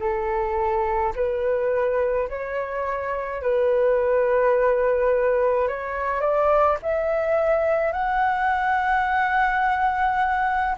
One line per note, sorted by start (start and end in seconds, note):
0.00 1.13 A4
1.16 2.29 B4
2.30 3.42 C#5
3.42 5.68 B4
5.68 6.21 C#5
6.21 6.77 D5
6.82 7.93 E5
7.93 10.76 F#5